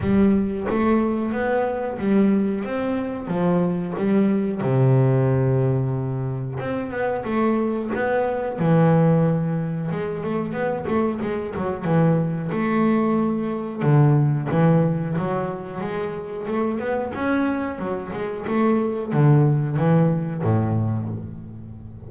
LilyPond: \new Staff \with { instrumentName = "double bass" } { \time 4/4 \tempo 4 = 91 g4 a4 b4 g4 | c'4 f4 g4 c4~ | c2 c'8 b8 a4 | b4 e2 gis8 a8 |
b8 a8 gis8 fis8 e4 a4~ | a4 d4 e4 fis4 | gis4 a8 b8 cis'4 fis8 gis8 | a4 d4 e4 a,4 | }